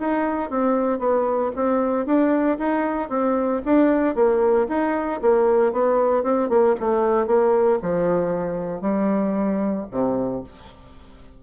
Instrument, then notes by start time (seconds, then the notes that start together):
bassoon
0.00 D#4
0.50 C4
0.99 B3
1.56 C4
2.06 D4
2.59 D#4
3.10 C4
3.65 D4
4.15 A#3
4.69 D#4
5.22 A#3
5.73 B3
6.23 C4
6.49 A#3
6.80 A3
7.27 A#3
7.82 F3
8.82 G3
9.92 C3